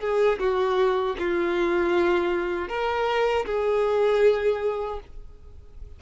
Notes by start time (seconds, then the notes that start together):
0.00 G#4
0.39 F#4
1.19 F4
2.69 A#4
3.46 G#4